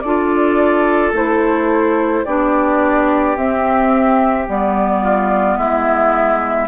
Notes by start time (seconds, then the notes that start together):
0.00 D4 F4 A4 D5
1.12 A3 E4 C5
2.24 B3 D4 G4 D5
3.36 C4 E5
4.47 G3 B3 D5
5.02 F4
5.57 G#3 E4 E5